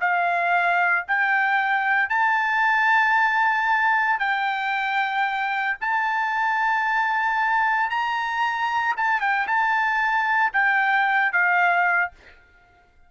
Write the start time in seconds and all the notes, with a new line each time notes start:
0.00 F5
1.07 G5
2.09 A5
4.19 G5
5.80 A5
7.90 A#5
8.96 A5
9.20 G5
9.47 A5
10.53 G5
11.32 F5